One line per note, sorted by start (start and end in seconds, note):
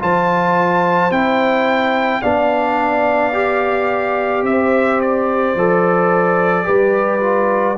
0.00 1.11 F3
0.00 1.11 F4
0.00 2.22 C5
0.00 1.12 A5
1.11 2.22 C4
1.11 2.23 E4
1.11 2.22 G5
2.22 4.43 B3
2.22 3.33 D4
2.22 4.44 D5
2.22 4.44 F5
3.33 5.55 G4
4.43 5.54 C4
4.43 6.66 C5
4.43 5.01 E5
5.02 7.78 D5
5.55 6.66 F3
5.55 6.64 A4
6.64 7.78 G3
6.64 7.20 G4
6.64 7.78 B4
7.20 7.76 F4